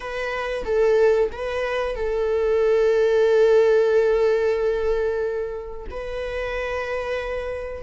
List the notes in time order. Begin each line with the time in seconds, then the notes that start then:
0.00 B4
0.64 A4
1.32 B4
1.95 A4
5.90 B4